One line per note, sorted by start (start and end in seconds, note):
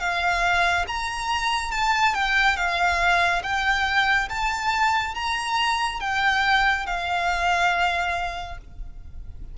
0.00 0.86 F5
0.88 1.72 A#5
1.72 2.15 A5
2.15 2.57 G5
2.57 3.43 F5
3.44 4.29 G5
4.30 5.15 A5
5.15 6.01 A#5
6.01 6.86 G5
6.87 8.58 F5